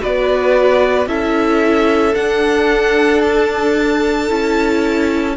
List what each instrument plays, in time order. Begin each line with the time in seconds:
0.00 cello B3, viola F#4, violin B4 D5
1.06 cello C#4, viola E4, violin A4 E5
2.14 viola D4, cello D4, violin F#5
3.21 violin A5
4.27 cello C#4, viola E4